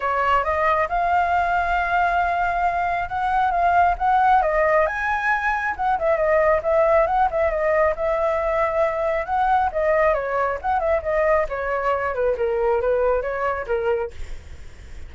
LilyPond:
\new Staff \with { instrumentName = "flute" } { \time 4/4 \tempo 4 = 136 cis''4 dis''4 f''2~ | f''2. fis''4 | f''4 fis''4 dis''4 gis''4~ | gis''4 fis''8 e''8 dis''4 e''4 |
fis''8 e''8 dis''4 e''2~ | e''4 fis''4 dis''4 cis''4 | fis''8 e''8 dis''4 cis''4. b'8 | ais'4 b'4 cis''4 ais'4 | }